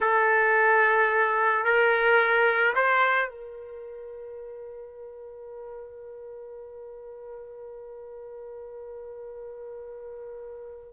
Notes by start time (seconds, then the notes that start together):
0.00 A4
1.64 A#4
2.75 C5
3.29 A#4